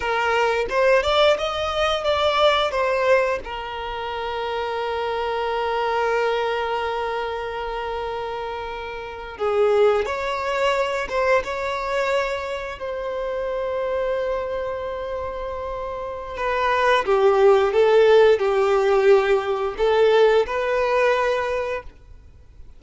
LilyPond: \new Staff \with { instrumentName = "violin" } { \time 4/4 \tempo 4 = 88 ais'4 c''8 d''8 dis''4 d''4 | c''4 ais'2.~ | ais'1~ | ais'4.~ ais'16 gis'4 cis''4~ cis''16~ |
cis''16 c''8 cis''2 c''4~ c''16~ | c''1 | b'4 g'4 a'4 g'4~ | g'4 a'4 b'2 | }